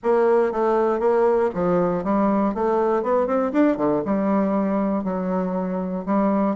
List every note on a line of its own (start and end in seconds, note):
0.03 0.52 A#3
0.52 0.99 A3
0.99 1.50 A#3
1.54 2.04 F3
2.04 2.54 G3
2.54 3.02 A3
3.02 3.26 B3
3.26 3.52 C4
3.52 3.77 D4
3.77 4.02 D3
4.05 5.04 G3
5.04 6.04 F#3
6.05 6.56 G3